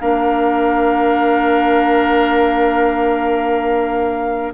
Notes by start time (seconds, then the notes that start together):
0.00 A#3 D4 A#4 F5